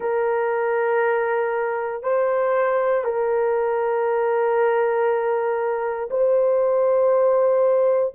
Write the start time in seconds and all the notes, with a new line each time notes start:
0.00 A#4
2.02 C5
3.04 A#4
6.10 C5